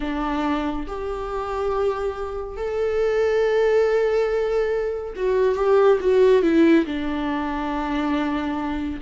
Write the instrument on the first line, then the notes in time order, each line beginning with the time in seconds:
viola
0.00 D4
0.87 G4
2.56 A4
5.15 F#4
5.55 G4
6.00 F#4
6.42 E4
6.85 D4